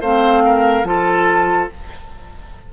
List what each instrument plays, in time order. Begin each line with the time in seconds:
0.00 bassoon A3, clarinet C4, oboe C5, flute F5
0.45 oboe A#4
0.83 bassoon F3, clarinet F4, oboe A4, flute A5